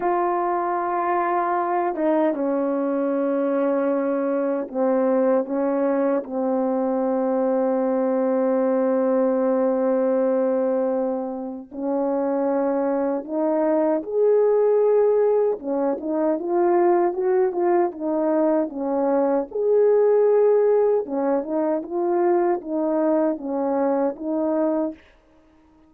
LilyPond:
\new Staff \with { instrumentName = "horn" } { \time 4/4 \tempo 4 = 77 f'2~ f'8 dis'8 cis'4~ | cis'2 c'4 cis'4 | c'1~ | c'2. cis'4~ |
cis'4 dis'4 gis'2 | cis'8 dis'8 f'4 fis'8 f'8 dis'4 | cis'4 gis'2 cis'8 dis'8 | f'4 dis'4 cis'4 dis'4 | }